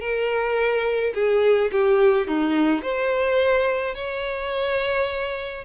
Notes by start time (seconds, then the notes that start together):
0.00 A#4
1.14 G#4
1.71 G4
2.27 D#4
2.82 C5
3.95 C#5